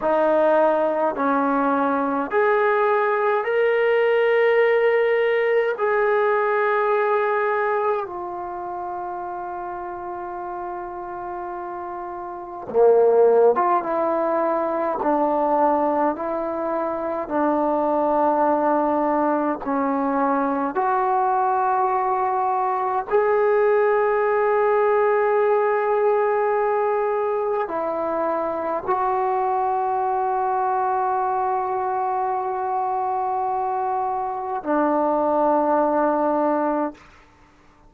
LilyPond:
\new Staff \with { instrumentName = "trombone" } { \time 4/4 \tempo 4 = 52 dis'4 cis'4 gis'4 ais'4~ | ais'4 gis'2 f'4~ | f'2. ais8. f'16 | e'4 d'4 e'4 d'4~ |
d'4 cis'4 fis'2 | gis'1 | e'4 fis'2.~ | fis'2 d'2 | }